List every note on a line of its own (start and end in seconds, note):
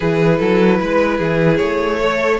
0.00 0.40 E3
0.00 2.00 E4
0.00 0.38 G#4
0.00 1.57 B4
0.38 0.80 F#3
0.38 0.78 A4
0.80 1.19 G#3
0.80 1.17 B4
1.17 1.59 E3
1.17 1.97 G#4
1.57 2.39 A3
1.57 2.37 C#5
2.00 2.39 A4
2.00 2.39 C#5